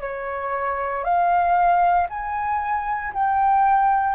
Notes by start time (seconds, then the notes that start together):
0.00 C#5
1.03 F5
2.09 G#5
3.14 G5